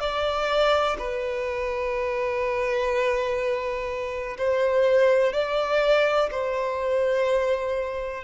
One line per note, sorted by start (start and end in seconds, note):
0.00 0.97 D5
0.98 4.37 B4
4.38 5.33 C5
5.33 6.29 D5
6.31 8.24 C5